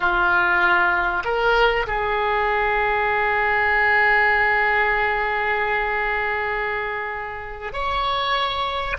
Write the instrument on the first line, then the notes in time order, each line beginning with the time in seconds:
oboe
0.00 F4
1.24 A#4
1.86 G#4
7.73 C#5